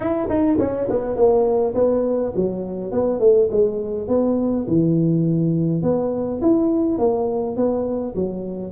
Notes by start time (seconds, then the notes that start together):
0.00 E4
0.29 D#4
0.58 C#4
0.89 B3
1.15 A#3
1.74 B3
2.35 F#3
2.91 B3
3.19 A3
3.51 G#3
4.08 B3
4.67 E3
5.82 B3
6.41 E4
6.98 A#3
7.56 B3
8.15 F#3